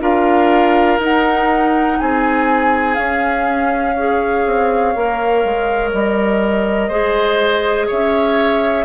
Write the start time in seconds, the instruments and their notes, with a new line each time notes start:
0.00 bassoon D4, clarinet F4, oboe A#4, flute F5
0.98 bassoon D#4, clarinet D#4, flute F#5
1.99 bassoon C4, oboe G#4, flute G#5
2.94 bassoon C#4, clarinet C#4, flute F5
3.95 clarinet G#4, oboe C#5
4.46 bassoon C4
4.95 bassoon A#3, clarinet A#4
5.44 bassoon G#3
5.92 bassoon G3, flute D#5
6.88 bassoon G#3, clarinet G#4, oboe C5
7.87 bassoon C#4, oboe C#5, flute E5